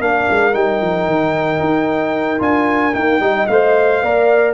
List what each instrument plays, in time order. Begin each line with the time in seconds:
0.00 tuba A#3, trombone D4, horn A#4, trumpet F5
0.30 tuba G#3
0.52 tuba G3, trombone D#4, trumpet G5
0.81 tuba F3
1.05 tuba D#3
1.60 tuba D#4
2.39 tuba D4, trombone F4, trumpet G#5
2.93 trombone A#3, tuba D#4, trumpet G5
3.20 tuba G3, trombone D#4, horn D#5
3.47 tuba A3, trombone C5, trumpet F5
4.03 tuba A#3, trombone A#4, horn D5